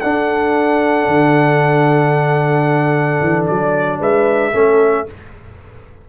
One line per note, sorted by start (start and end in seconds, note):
0.00 1.07 D4
0.00 4.53 D4
0.00 3.99 A4
0.00 3.45 F#5
1.07 3.19 D3
3.22 3.49 E3
3.46 4.00 F#3
3.46 3.99 D5
3.99 4.53 G#3
3.99 4.52 B4
3.99 5.08 E5
4.52 5.06 A3
4.52 5.06 C#4
4.52 5.05 A4